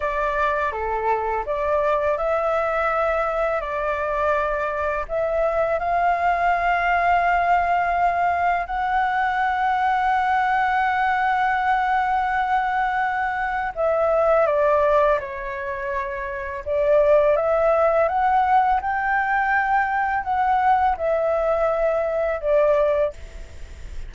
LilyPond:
\new Staff \with { instrumentName = "flute" } { \time 4/4 \tempo 4 = 83 d''4 a'4 d''4 e''4~ | e''4 d''2 e''4 | f''1 | fis''1~ |
fis''2. e''4 | d''4 cis''2 d''4 | e''4 fis''4 g''2 | fis''4 e''2 d''4 | }